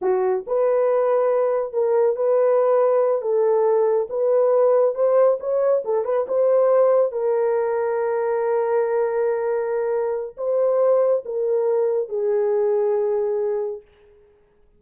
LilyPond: \new Staff \with { instrumentName = "horn" } { \time 4/4 \tempo 4 = 139 fis'4 b'2. | ais'4 b'2~ b'8 a'8~ | a'4. b'2 c''8~ | c''8 cis''4 a'8 b'8 c''4.~ |
c''8 ais'2.~ ais'8~ | ais'1 | c''2 ais'2 | gis'1 | }